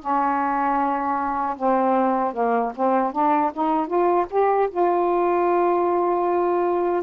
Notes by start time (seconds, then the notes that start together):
0.00 C#4
1.57 C4
2.33 A#3
2.75 C4
3.12 D4
3.53 D#4
3.87 F4
4.30 G4
4.70 F4